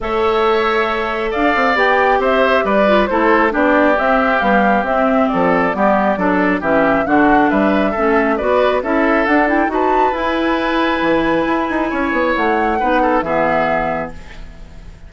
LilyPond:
<<
  \new Staff \with { instrumentName = "flute" } { \time 4/4 \tempo 4 = 136 e''2. f''4 | g''4 e''4 d''4 c''4 | d''4 e''4 f''4 e''4 | d''2. e''4 |
fis''4 e''2 d''4 | e''4 fis''8 g''8 a''4 gis''4~ | gis''1 | fis''2 e''2 | }
  \new Staff \with { instrumentName = "oboe" } { \time 4/4 cis''2. d''4~ | d''4 c''4 b'4 a'4 | g'1 | a'4 g'4 a'4 g'4 |
fis'4 b'4 a'4 b'4 | a'2 b'2~ | b'2. cis''4~ | cis''4 b'8 a'8 gis'2 | }
  \new Staff \with { instrumentName = "clarinet" } { \time 4/4 a'1 | g'2~ g'8 f'8 e'4 | d'4 c'4 g4 c'4~ | c'4 b4 d'4 cis'4 |
d'2 cis'4 fis'4 | e'4 d'8 e'8 fis'4 e'4~ | e'1~ | e'4 dis'4 b2 | }
  \new Staff \with { instrumentName = "bassoon" } { \time 4/4 a2. d'8 c'8 | b4 c'4 g4 a4 | b4 c'4 b4 c'4 | f4 g4 fis4 e4 |
d4 g4 a4 b4 | cis'4 d'4 dis'4 e'4~ | e'4 e4 e'8 dis'8 cis'8 b8 | a4 b4 e2 | }
>>